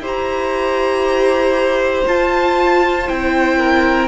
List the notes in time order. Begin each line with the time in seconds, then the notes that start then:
0.00 E4 G4 C5
0.07 A#5
2.07 F4 A5
3.08 C4 E4 G5
3.58 A#4